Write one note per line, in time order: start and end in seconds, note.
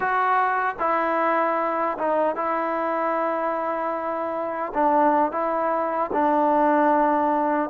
0.00 0.75 F#4
0.79 1.97 E4
1.98 2.35 D#4
2.35 4.72 E4
4.74 5.31 D4
5.31 6.10 E4
6.12 7.70 D4